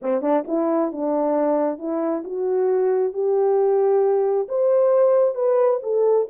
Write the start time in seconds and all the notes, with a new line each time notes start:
0.02 C4
0.21 D4
0.47 E4
0.92 D4
1.78 E4
2.24 F#4
3.13 G4
4.48 C5
5.34 B4
5.82 A4